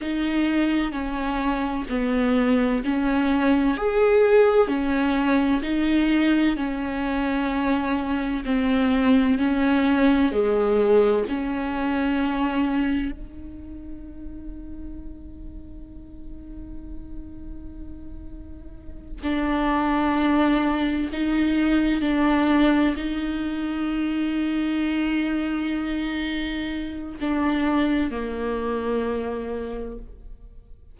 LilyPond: \new Staff \with { instrumentName = "viola" } { \time 4/4 \tempo 4 = 64 dis'4 cis'4 b4 cis'4 | gis'4 cis'4 dis'4 cis'4~ | cis'4 c'4 cis'4 gis4 | cis'2 dis'2~ |
dis'1~ | dis'8 d'2 dis'4 d'8~ | d'8 dis'2.~ dis'8~ | dis'4 d'4 ais2 | }